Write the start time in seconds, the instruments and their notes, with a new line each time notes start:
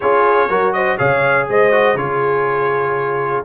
0.00 tuba C#4, trombone F4, horn G#4, trumpet C#5
0.49 tuba F#3, trombone F#4, horn A#4
0.73 horn C5, trumpet D#5
0.97 tuba C#3, trombone G#4, horn C#5, trumpet F5
1.48 tuba G#3, horn C5, trumpet D#5
1.71 trombone F#4
1.95 tuba C#3, trombone F4, horn G#4, trumpet C#5